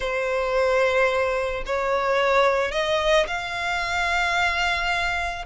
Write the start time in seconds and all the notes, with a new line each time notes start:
0.00 C5
1.65 C#5
2.71 D#5
3.27 F5